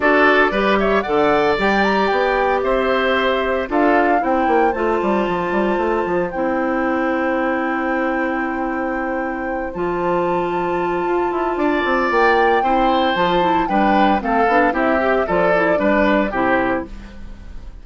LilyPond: <<
  \new Staff \with { instrumentName = "flute" } { \time 4/4 \tempo 4 = 114 d''4. e''8 fis''4 g''8 ais''8 | g''4 e''2 f''4 | g''4 a''2. | g''1~ |
g''2~ g''8 a''4.~ | a''2. g''4~ | g''4 a''4 g''4 f''4 | e''4 d''2 c''4 | }
  \new Staff \with { instrumentName = "oboe" } { \time 4/4 a'4 b'8 cis''8 d''2~ | d''4 c''2 a'4 | c''1~ | c''1~ |
c''1~ | c''2 d''2 | c''2 b'4 a'4 | g'4 a'4 b'4 g'4 | }
  \new Staff \with { instrumentName = "clarinet" } { \time 4/4 fis'4 g'4 a'4 g'4~ | g'2. f'4 | e'4 f'2. | e'1~ |
e'2~ e'8 f'4.~ | f'1 | e'4 f'8 e'8 d'4 c'8 d'8 | e'8 g'8 f'8 e'8 d'4 e'4 | }
  \new Staff \with { instrumentName = "bassoon" } { \time 4/4 d'4 g4 d4 g4 | b4 c'2 d'4 | c'8 ais8 a8 g8 f8 g8 a8 f8 | c'1~ |
c'2~ c'8 f4.~ | f4 f'8 e'8 d'8 c'8 ais4 | c'4 f4 g4 a8 b8 | c'4 f4 g4 c4 | }
>>